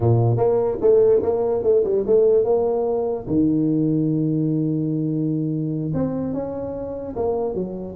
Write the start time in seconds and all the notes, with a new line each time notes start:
0.00 A#2
0.37 A#3
0.81 A3
1.22 A#3
1.63 A3
1.83 G3
2.06 A3
2.44 A#3
3.27 D#3
5.94 C4
6.33 C#4
7.16 A#3
7.54 F#3